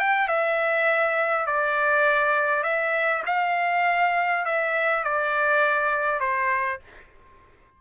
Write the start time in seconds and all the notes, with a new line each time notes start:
0.00 G5
0.28 E5
1.47 D5
2.64 E5
3.27 F5
4.46 E5
5.04 D5
6.21 C5